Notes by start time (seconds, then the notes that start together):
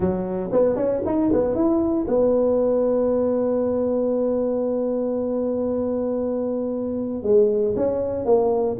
0.00 F#3
0.52 B3
0.76 C#4
1.05 D#4
1.32 B3
1.54 E4
2.07 B3
7.22 G#3
7.75 C#4
8.25 A#3